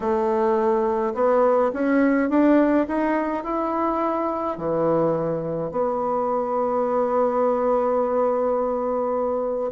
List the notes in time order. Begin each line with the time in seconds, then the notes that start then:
0.00 A3
1.14 B3
1.73 C#4
2.29 D4
2.87 D#4
3.43 E4
4.57 E3
5.71 B3